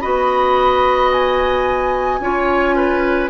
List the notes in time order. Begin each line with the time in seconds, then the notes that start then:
0.00 B3 F#4 D#5 B5
1.12 G#5
2.19 C#4 F4 C#5
2.76 B4